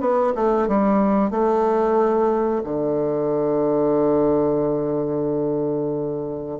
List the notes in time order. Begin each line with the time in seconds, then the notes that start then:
0.00 B3
0.35 A3
0.68 G3
1.30 A3
2.64 D3